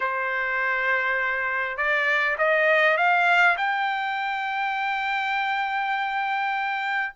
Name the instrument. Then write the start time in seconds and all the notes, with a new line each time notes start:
trumpet
0.00 C5
1.77 D5
2.38 D#5
2.97 F5
3.57 G5